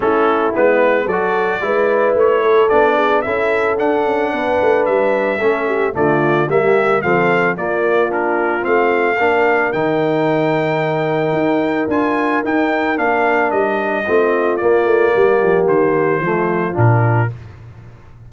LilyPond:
<<
  \new Staff \with { instrumentName = "trumpet" } { \time 4/4 \tempo 4 = 111 a'4 b'4 d''2 | cis''4 d''4 e''4 fis''4~ | fis''4 e''2 d''4 | e''4 f''4 d''4 ais'4 |
f''2 g''2~ | g''2 gis''4 g''4 | f''4 dis''2 d''4~ | d''4 c''2 ais'4 | }
  \new Staff \with { instrumentName = "horn" } { \time 4/4 e'2 a'4 b'4~ | b'8 a'4 gis'8 a'2 | b'2 a'8 g'8 f'4 | g'4 a'4 f'2~ |
f'4 ais'2.~ | ais'1~ | ais'2 f'2 | g'2 f'2 | }
  \new Staff \with { instrumentName = "trombone" } { \time 4/4 cis'4 b4 fis'4 e'4~ | e'4 d'4 e'4 d'4~ | d'2 cis'4 a4 | ais4 c'4 ais4 d'4 |
c'4 d'4 dis'2~ | dis'2 f'4 dis'4 | d'2 c'4 ais4~ | ais2 a4 d'4 | }
  \new Staff \with { instrumentName = "tuba" } { \time 4/4 a4 gis4 fis4 gis4 | a4 b4 cis'4 d'8 cis'8 | b8 a8 g4 a4 d4 | g4 f4 ais2 |
a4 ais4 dis2~ | dis4 dis'4 d'4 dis'4 | ais4 g4 a4 ais8 a8 | g8 f8 dis4 f4 ais,4 | }
>>